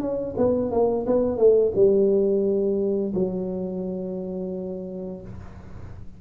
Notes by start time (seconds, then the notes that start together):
0.00 C#4
0.37 B3
0.71 A#3
1.06 B3
1.38 A3
1.75 G3
3.14 F#3